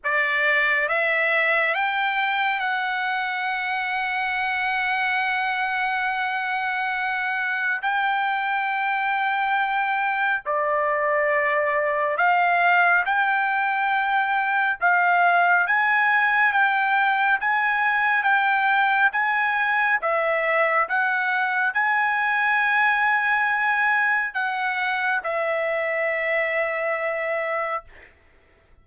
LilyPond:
\new Staff \with { instrumentName = "trumpet" } { \time 4/4 \tempo 4 = 69 d''4 e''4 g''4 fis''4~ | fis''1~ | fis''4 g''2. | d''2 f''4 g''4~ |
g''4 f''4 gis''4 g''4 | gis''4 g''4 gis''4 e''4 | fis''4 gis''2. | fis''4 e''2. | }